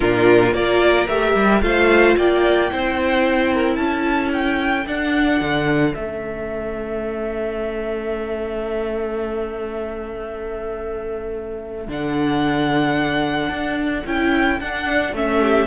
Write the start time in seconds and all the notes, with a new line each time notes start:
0.00 A#2 D4 F4 A#4
0.52 A#3 F4 A#4 D5
1.08 A3 G4 E5
1.35 G3
1.61 A3 F4 C5 F5
2.17 A#3 D5 G5
2.69 C4 E4 C5
3.53 A#4
3.75 C#4 A4 A5
4.32 G5
4.86 D4 F#5
5.40 D3
5.92 A3 C#4 E5
11.87 D3 D4 F#5
13.48 D4
14.06 C#4 E4 G5
14.60 D4 F#5
15.12 A3 C#4 E5
15.41 G4